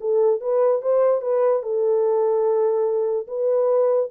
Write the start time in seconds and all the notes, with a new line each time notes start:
0.00 A4
0.40 B4
0.81 C5
1.21 B4
1.62 A4
3.27 B4